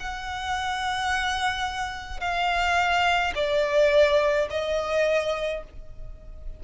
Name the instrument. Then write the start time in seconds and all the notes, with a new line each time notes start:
violin
0.00 F#5
2.21 F5
3.36 D5
4.50 D#5